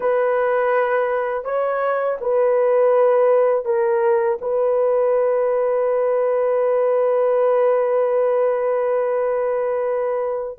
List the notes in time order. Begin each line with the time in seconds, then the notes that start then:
0.00 B4
1.44 C#5
2.20 B4
3.65 A#4
4.41 B4